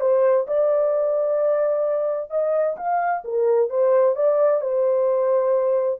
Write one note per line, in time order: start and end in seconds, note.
0.00 0.46 C5
0.47 2.30 D5
2.30 2.76 D#5
2.76 3.22 F5
3.24 3.69 A#4
3.69 4.15 C5
4.15 4.61 D5
4.61 5.99 C5